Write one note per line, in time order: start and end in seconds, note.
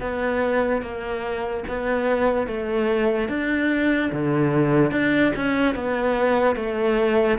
0.00 0.81 B3
0.81 1.64 A#3
1.68 2.47 B3
2.47 3.28 A3
3.28 4.11 D4
4.12 4.91 D3
4.91 5.32 D4
5.35 5.75 C#4
5.75 6.56 B3
6.56 7.38 A3